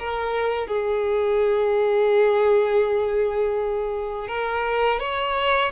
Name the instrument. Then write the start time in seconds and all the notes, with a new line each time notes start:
violin
0.00 A#4
0.68 G#4
4.28 A#4
5.00 C#5